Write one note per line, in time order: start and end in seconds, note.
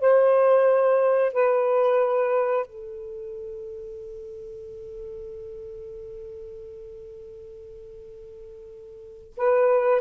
0.00 1.32 C5
1.32 2.66 B4
2.66 9.32 A4
9.37 10.01 B4